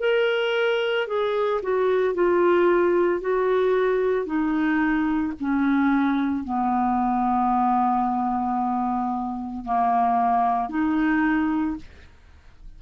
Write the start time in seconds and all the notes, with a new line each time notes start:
0.00 A#4
1.07 G#4
1.62 F#4
2.14 F4
3.20 F#4
4.26 D#4
5.40 C#4
6.43 B3
9.64 A#3
10.69 D#4